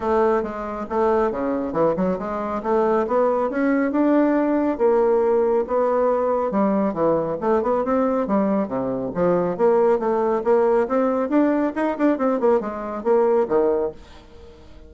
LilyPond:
\new Staff \with { instrumentName = "bassoon" } { \time 4/4 \tempo 4 = 138 a4 gis4 a4 cis4 | e8 fis8 gis4 a4 b4 | cis'4 d'2 ais4~ | ais4 b2 g4 |
e4 a8 b8 c'4 g4 | c4 f4 ais4 a4 | ais4 c'4 d'4 dis'8 d'8 | c'8 ais8 gis4 ais4 dis4 | }